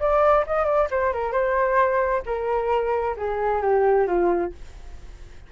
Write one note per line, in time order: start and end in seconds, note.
0.00 0.45 D5
0.47 0.65 D#5
0.65 0.88 D5
0.91 1.13 C5
1.13 1.32 A#4
1.32 2.22 C5
2.26 3.16 A#4
3.17 3.62 G#4
3.62 4.07 G4
4.07 4.52 F4